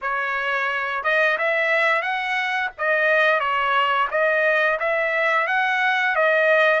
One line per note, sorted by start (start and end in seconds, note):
0.01 1.03 C#5
1.03 1.37 D#5
1.38 2.01 E5
2.01 2.70 F#5
2.77 3.39 D#5
3.39 4.08 C#5
4.10 4.79 D#5
4.79 5.47 E5
5.47 6.15 F#5
6.15 6.80 D#5